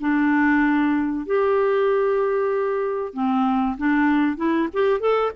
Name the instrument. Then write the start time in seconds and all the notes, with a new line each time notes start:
clarinet
0.00 D4
1.26 G4
3.14 C4
3.78 D4
4.37 E4
4.73 G4
5.00 A4